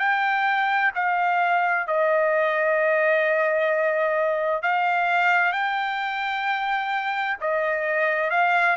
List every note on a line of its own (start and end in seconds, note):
0.00 0.92 G5
0.95 1.88 F5
1.88 4.63 D#5
4.63 5.53 F5
5.53 7.37 G5
7.41 8.31 D#5
8.31 8.77 F5